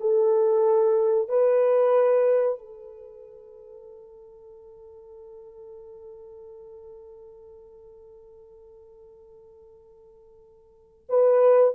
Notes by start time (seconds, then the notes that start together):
0.00 A4
1.29 B4
2.58 A4
11.09 B4